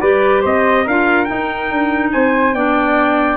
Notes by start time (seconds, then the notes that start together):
0.00 G3 G4 B4 D5
0.41 C4 C5 D#5
0.84 D4 F4 A#4 F5
1.24 D#4 G5
1.71 D4
2.11 C4 C5 G#5
2.53 B3 D4 D5 G5